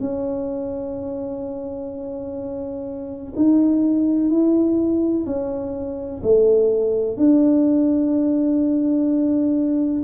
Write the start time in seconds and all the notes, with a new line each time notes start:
0.00 C#4
3.36 D#4
4.30 E4
5.26 C#4
6.23 A3
7.17 D4